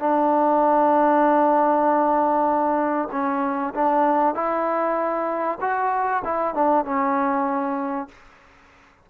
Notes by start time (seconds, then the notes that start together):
0.00 D4
3.12 C#4
3.75 D4
4.35 E4
5.61 F#4
6.24 E4
6.55 D4
6.85 C#4